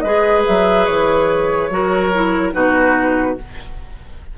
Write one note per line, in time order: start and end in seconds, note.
0.00 0.46 G#3
0.00 1.71 G#4
0.00 1.70 B4
0.00 0.42 D#5
0.47 0.88 F#3
0.47 0.86 E5
0.86 1.70 E3
0.86 2.53 C#5
1.70 2.53 F#3
1.70 2.12 F#4
1.70 2.55 A#4
2.15 2.53 E4
2.53 3.38 B2
2.53 3.37 D#4
2.53 3.38 F#4
2.53 3.38 B4